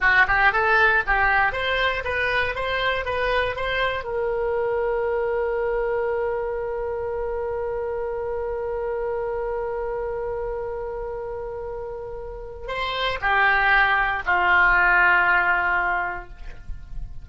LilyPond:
\new Staff \with { instrumentName = "oboe" } { \time 4/4 \tempo 4 = 118 fis'8 g'8 a'4 g'4 c''4 | b'4 c''4 b'4 c''4 | ais'1~ | ais'1~ |
ais'1~ | ais'1~ | ais'4 c''4 g'2 | f'1 | }